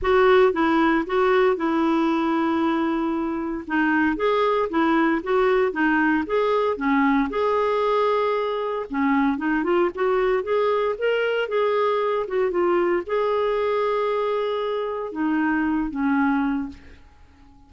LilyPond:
\new Staff \with { instrumentName = "clarinet" } { \time 4/4 \tempo 4 = 115 fis'4 e'4 fis'4 e'4~ | e'2. dis'4 | gis'4 e'4 fis'4 dis'4 | gis'4 cis'4 gis'2~ |
gis'4 cis'4 dis'8 f'8 fis'4 | gis'4 ais'4 gis'4. fis'8 | f'4 gis'2.~ | gis'4 dis'4. cis'4. | }